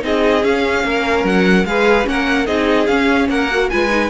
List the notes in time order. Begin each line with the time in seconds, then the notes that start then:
0.00 C4 D#4 G#4 D#5
0.43 C#4 F5
0.84 A#3 A#4
1.24 F#3 F#5
1.65 G#3 G#4 B4 F5
2.05 A#3 C#4 A#4 F#5
2.46 C4 D#4 G#4 D#5
2.87 C#4 F5
3.29 A#3 A#4 F#5
3.51 F#4
3.70 G#3 F4 B4 G#5
3.89 D#4